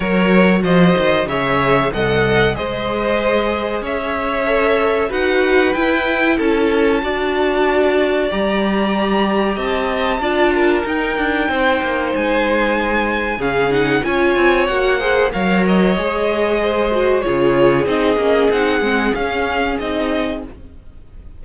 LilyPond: <<
  \new Staff \with { instrumentName = "violin" } { \time 4/4 \tempo 4 = 94 cis''4 dis''4 e''4 fis''4 | dis''2 e''2 | fis''4 g''4 a''2~ | a''4 ais''2 a''4~ |
a''4 g''2 gis''4~ | gis''4 f''8 fis''8 gis''4 fis''4 | f''8 dis''2~ dis''8 cis''4 | dis''4 fis''4 f''4 dis''4 | }
  \new Staff \with { instrumentName = "violin" } { \time 4/4 ais'4 c''4 cis''4 dis''4 | c''2 cis''2 | b'2 a'4 d''4~ | d''2. dis''4 |
d''8 ais'4. c''2~ | c''4 gis'4 cis''4. c''8 | cis''2 c''4 gis'4~ | gis'1 | }
  \new Staff \with { instrumentName = "viola" } { \time 4/4 fis'2 gis'4 a'4 | gis'2. a'4 | fis'4 e'2 fis'4~ | fis'4 g'2. |
f'4 dis'2.~ | dis'4 cis'8 dis'8 f'4 fis'8 gis'8 | ais'4 gis'4. fis'8 f'4 | dis'8 cis'8 dis'8 c'8 cis'4 dis'4 | }
  \new Staff \with { instrumentName = "cello" } { \time 4/4 fis4 f8 dis8 cis4 c,4 | gis2 cis'2 | dis'4 e'4 cis'4 d'4~ | d'4 g2 c'4 |
d'4 dis'8 d'8 c'8 ais8 gis4~ | gis4 cis4 cis'8 c'8 ais4 | fis4 gis2 cis4 | c'8 ais8 c'8 gis8 cis'4 c'4 | }
>>